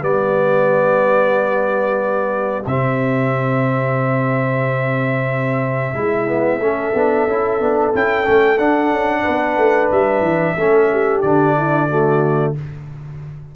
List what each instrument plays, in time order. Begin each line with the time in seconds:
0.00 tuba G3, trombone B3, horn G4, trumpet D5
2.66 tuba C3, trombone C4, trumpet E5
5.94 tuba G#3, trombone E4, horn E4
6.28 trombone B3
6.59 tuba A3, trombone C#4, horn A4
6.94 tuba B3, trombone D4
7.27 tuba C#4, trombone E4
7.60 tuba B3, trombone D4
7.94 tuba C#4, trombone E4, trumpet G5
8.24 tuba A3, trombone C#4
8.58 tuba D4, trombone D4, trumpet F#5
8.90 tuba C#4
9.22 tuba B3, horn B4
9.57 tuba A3
9.91 tuba G3, trumpet E5
10.21 tuba E3
10.56 tuba A3, trombone C#4, horn A4
10.92 horn G4
11.22 tuba D3, trombone D4, trumpet D5
11.57 horn E4
11.89 trombone A3, horn F#4